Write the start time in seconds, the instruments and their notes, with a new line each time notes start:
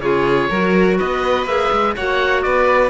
0.00 cello C#3, clarinet F4, violin G#4, oboe C#5
0.50 cello F#3, clarinet F#4, violin A#4
0.98 cello B3, violin B4, oboe D#5
1.45 cello A#3, clarinet G#4, oboe E5
1.72 cello G#3
1.95 cello A#3, clarinet F#4, violin C#5, oboe F#5
2.42 cello B3, violin B4, oboe D5